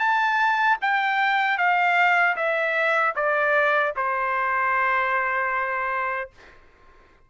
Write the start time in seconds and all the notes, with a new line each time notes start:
0.00 A5
0.82 G5
1.58 F5
2.37 E5
3.16 D5
3.97 C5